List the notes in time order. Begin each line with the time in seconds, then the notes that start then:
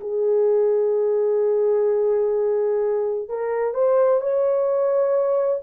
0.00 G#4
3.28 A#4
3.74 C5
4.20 C#5